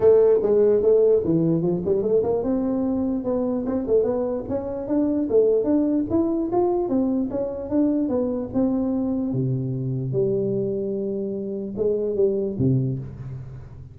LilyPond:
\new Staff \with { instrumentName = "tuba" } { \time 4/4 \tempo 4 = 148 a4 gis4 a4 e4 | f8 g8 a8 ais8 c'2 | b4 c'8 a8 b4 cis'4 | d'4 a4 d'4 e'4 |
f'4 c'4 cis'4 d'4 | b4 c'2 c4~ | c4 g2.~ | g4 gis4 g4 c4 | }